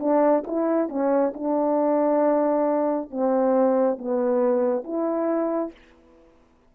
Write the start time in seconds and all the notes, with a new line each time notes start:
0.00 D4
0.47 E4
0.89 C#4
1.34 D4
3.11 C4
3.99 B3
4.84 E4